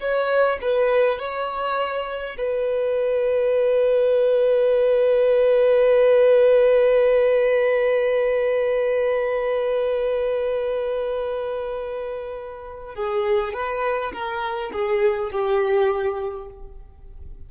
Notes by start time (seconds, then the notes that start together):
0.00 C#5
0.61 B4
1.19 C#5
2.37 B4
12.95 G#4
13.53 B4
14.13 A#4
14.73 G#4
15.32 G4